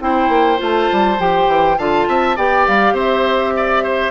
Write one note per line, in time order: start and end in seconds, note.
0.00 0.29 C4
0.00 0.57 E4
0.00 1.78 C5
0.00 0.60 G5
0.29 0.58 A#3
0.57 0.90 A3
0.57 1.16 F4
0.63 1.20 A5
0.92 1.19 G3
1.18 1.47 F3
1.18 1.77 G4
1.18 1.78 G5
1.47 1.77 E3
1.78 2.07 D3
1.78 2.37 F4
1.78 2.07 F5
1.78 2.37 A5
2.08 2.37 C4
2.08 2.36 E5
2.36 2.66 B3
2.36 4.11 G4
2.36 2.94 D5
2.36 2.67 G5
2.67 2.93 G3
2.67 2.96 F5
2.93 4.10 C4
2.93 3.52 C5
2.93 4.11 E5
3.57 3.83 D5
3.83 4.11 C5